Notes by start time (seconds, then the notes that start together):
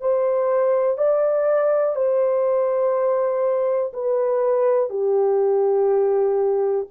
0.00 C5
0.97 D5
1.95 C5
3.93 B4
4.89 G4